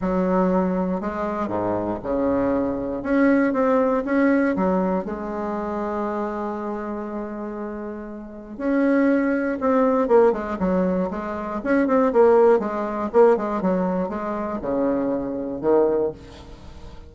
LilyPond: \new Staff \with { instrumentName = "bassoon" } { \time 4/4 \tempo 4 = 119 fis2 gis4 gis,4 | cis2 cis'4 c'4 | cis'4 fis4 gis2~ | gis1~ |
gis4 cis'2 c'4 | ais8 gis8 fis4 gis4 cis'8 c'8 | ais4 gis4 ais8 gis8 fis4 | gis4 cis2 dis4 | }